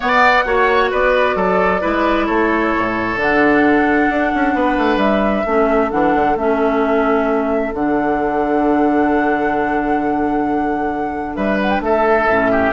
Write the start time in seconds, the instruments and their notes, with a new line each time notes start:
0.00 clarinet B3, bassoon B3, oboe D5, flute F#5
0.45 bassoon A#3, clarinet F#4, oboe C#5
0.90 bassoon B3, oboe B4, flute D5
1.35 bassoon F#3, oboe A4
1.80 bassoon G#3, clarinet E4, oboe B4
2.26 bassoon A3, oboe A4, flute C#5
2.78 bassoon A2
3.17 bassoon D3, clarinet D4, flute F#5
4.09 bassoon D4
4.34 bassoon C#4
4.54 bassoon B3, oboe B4
4.77 bassoon A3
4.96 bassoon G3, flute E5
5.45 bassoon A3, clarinet C#4, oboe A4
5.90 bassoon E3, clarinet D4, flute F#5
6.14 bassoon D3
6.35 bassoon A3, clarinet C#4, flute E5
7.73 bassoon D3, clarinet D4, flute F#5
11.35 bassoon G3, oboe B4, flute E5
11.61 flute F#5
11.69 flute G5
11.80 bassoon A3, oboe A4, flute E5
12.27 bassoon A2, clarinet C#4
12.51 oboe G4